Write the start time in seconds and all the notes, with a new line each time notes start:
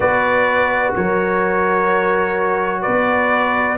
0.00 B3 F#4 B4 D5
0.95 F#3 A#4 C#5
2.81 B3 B4 D5